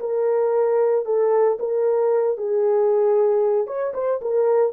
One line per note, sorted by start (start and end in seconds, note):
0.00 1.05 A#4
1.06 1.58 A4
1.60 2.38 A#4
2.38 3.67 G#4
3.67 3.93 C#5
3.94 4.20 C5
4.21 4.73 A#4